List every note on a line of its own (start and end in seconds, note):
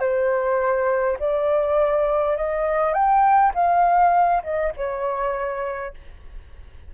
0.00 1.18 C5
1.19 2.37 D5
2.37 2.94 D#5
2.94 3.53 G5
3.55 4.43 F5
4.43 4.73 D#5
4.76 5.94 C#5